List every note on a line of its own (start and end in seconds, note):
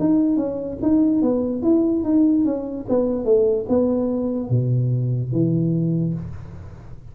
0.00 0.37 D#4
0.37 0.78 C#4
0.83 1.23 D#4
1.23 1.63 B3
1.63 2.04 E4
2.04 2.45 D#4
2.45 2.86 C#4
2.89 3.25 B3
3.25 3.66 A3
3.69 4.50 B3
4.50 5.32 B2
5.32 6.15 E3